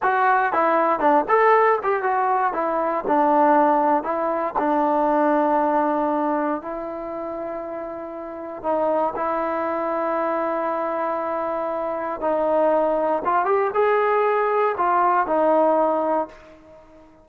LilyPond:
\new Staff \with { instrumentName = "trombone" } { \time 4/4 \tempo 4 = 118 fis'4 e'4 d'8 a'4 g'8 | fis'4 e'4 d'2 | e'4 d'2.~ | d'4 e'2.~ |
e'4 dis'4 e'2~ | e'1 | dis'2 f'8 g'8 gis'4~ | gis'4 f'4 dis'2 | }